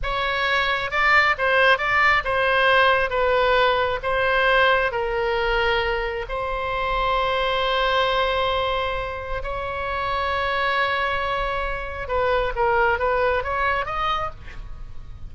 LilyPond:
\new Staff \with { instrumentName = "oboe" } { \time 4/4 \tempo 4 = 134 cis''2 d''4 c''4 | d''4 c''2 b'4~ | b'4 c''2 ais'4~ | ais'2 c''2~ |
c''1~ | c''4 cis''2.~ | cis''2. b'4 | ais'4 b'4 cis''4 dis''4 | }